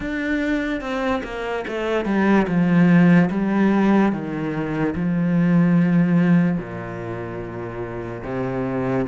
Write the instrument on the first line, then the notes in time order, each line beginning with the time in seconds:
cello
0.00 D4
0.80 C4
1.23 A#3
1.67 A3
2.05 G3
2.47 F3
3.30 G3
4.12 D#3
4.95 F3
6.58 A#2
8.23 C3